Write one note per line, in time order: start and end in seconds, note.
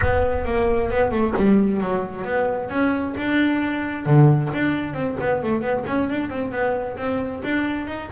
0.01 0.45 B3
0.45 0.90 A#3
0.90 1.11 B3
1.11 1.33 A3
1.36 1.80 G3
1.80 2.24 F#3
2.24 2.69 B3
2.69 3.14 C#4
3.17 4.06 D4
4.06 4.51 D3
4.53 4.93 D4
4.93 5.16 C4
5.20 5.42 B3
5.43 5.61 A3
5.61 5.84 B3
5.86 6.09 C#4
6.09 6.29 D4
6.29 6.51 C4
6.51 6.96 B3
6.97 7.42 C4
7.44 7.87 D4
7.87 8.10 D#4